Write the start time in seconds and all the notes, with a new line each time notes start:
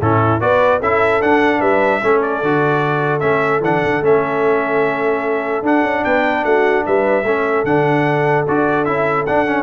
0.00 A2 C#4 E4 A4
0.40 B3 F#4 B4 D5
0.79 C#4 E4 A4 E5
1.21 D4 F#5
1.59 G3 B4 E5
2.02 A3 C#4 A4
2.21 D5
2.42 D3 F#4
3.20 A3 C#4 E5
3.60 E3 D4 F#5
3.84 D3
4.01 A3 C#4 E5
5.62 D4 F#5
5.82 C#4
6.04 B3 B4 G5
6.44 A3 F#4 F#5
6.85 G3 B4 E5
7.23 A3 C#4 A4
7.64 D3 D4 F#5
8.47 D4 F#4 D5
8.84 C#4 E4 E5
9.26 D4 F#5
9.46 C#4